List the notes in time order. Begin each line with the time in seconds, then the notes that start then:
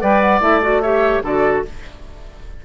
0.00 G3 B4 D5 G5
0.21 F#5
0.40 A3 E4 E5
0.62 F#4 D5
0.82 G4 C#5 E5
1.23 D3 F#4 A4 D5